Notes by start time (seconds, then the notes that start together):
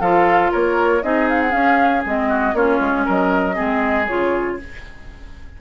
0.00 F3 F4 A4 F5
0.51 A#3 A#4 C#5
1.02 C4 D#4 G#4 D#5
1.29 F5
1.41 F#5
1.49 C#4 F5
2.05 G#3 C4 D#5
2.28 F#4
2.53 A#3 C#4 F4 C#5
2.80 G#3
3.05 F#3 A#4 D#5
3.54 G#3 C4 G#4
4.06 C#3 F4 C#5